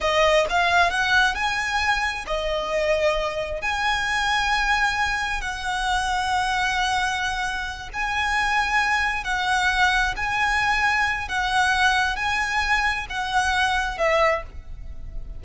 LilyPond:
\new Staff \with { instrumentName = "violin" } { \time 4/4 \tempo 4 = 133 dis''4 f''4 fis''4 gis''4~ | gis''4 dis''2. | gis''1 | fis''1~ |
fis''4. gis''2~ gis''8~ | gis''8 fis''2 gis''4.~ | gis''4 fis''2 gis''4~ | gis''4 fis''2 e''4 | }